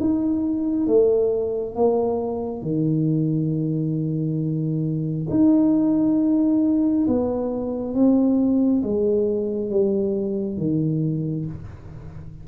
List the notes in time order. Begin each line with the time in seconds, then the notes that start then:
0.00 D#4
0.87 A3
1.75 A#3
2.62 D#3
5.30 D#4
7.07 B3
7.94 C4
8.83 G#3
9.70 G3
10.57 D#3